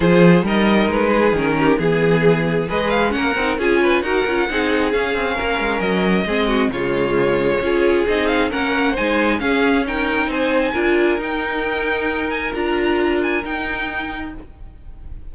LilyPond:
<<
  \new Staff \with { instrumentName = "violin" } { \time 4/4 \tempo 4 = 134 c''4 dis''4 b'4 ais'4 | gis'2 dis''8 f''8 fis''4 | gis''4 fis''2 f''4~ | f''4 dis''2 cis''4~ |
cis''2 dis''8 f''8 fis''4 | gis''4 f''4 g''4 gis''4~ | gis''4 g''2~ g''8 gis''8 | ais''4. gis''8 g''2 | }
  \new Staff \with { instrumentName = "violin" } { \time 4/4 gis'4 ais'4. gis'4 g'8 | gis'2 b'4 ais'4 | gis'8 b'8 ais'4 gis'2 | ais'2 gis'8 fis'8 f'4~ |
f'4 gis'2 ais'4 | c''4 gis'4 ais'4 c''4 | ais'1~ | ais'1 | }
  \new Staff \with { instrumentName = "viola" } { \time 4/4 f'4 dis'2 cis'4 | b2 gis'4 cis'8 dis'8 | f'4 fis'8 f'8 dis'4 cis'4~ | cis'2 c'4 gis4~ |
gis4 f'4 dis'4 cis'4 | dis'4 cis'4 dis'2 | f'4 dis'2. | f'2 dis'2 | }
  \new Staff \with { instrumentName = "cello" } { \time 4/4 f4 g4 gis4 dis4 | e2 gis4 ais8 c'8 | cis'4 dis'8 cis'8 c'4 cis'8 c'8 | ais8 gis8 fis4 gis4 cis4~ |
cis4 cis'4 c'4 ais4 | gis4 cis'2 c'4 | d'4 dis'2. | d'2 dis'2 | }
>>